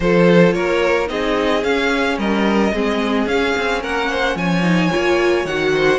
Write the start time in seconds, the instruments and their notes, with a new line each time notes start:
0.00 cello F3, viola F4, violin A4 C5
0.53 cello A#3, violin A#4 C#5
1.06 cello C4, viola D#4, violin G#4 D#5
1.63 viola C#4, cello C#4, violin F5
2.17 cello G3, violin A#4 D#5
2.73 cello G#3, viola C4, violin G#4
3.26 cello C#4, viola C#4, violin F5
3.57 cello C4
3.81 cello A#3, violin A#4 F#5
4.09 violin C5
4.35 cello F3, violin C#5 G#5
4.62 viola D#4
4.90 cello A#3, viola F4
5.44 cello D#3, viola F#4, violin F#5
5.74 violin C5